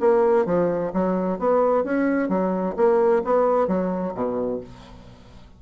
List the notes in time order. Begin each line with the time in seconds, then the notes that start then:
0.00 A#3
0.46 F3
0.93 F#3
1.38 B3
1.84 C#4
2.29 F#3
2.76 A#3
3.24 B3
3.67 F#3
4.14 B2